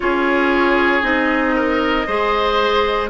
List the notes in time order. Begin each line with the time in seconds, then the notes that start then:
0.00 C#4 F4 G#4 C#5
1.02 C4 D#4 D#5
1.55 A#4
2.06 G#3 G#4 C5